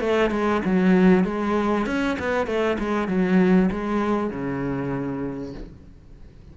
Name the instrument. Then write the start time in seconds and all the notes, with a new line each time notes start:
cello
0.00 A3
0.31 G#3
0.65 F#3
1.24 G#3
1.86 C#4
2.19 B3
2.47 A3
2.79 G#3
3.08 F#3
3.71 G#3
4.30 C#3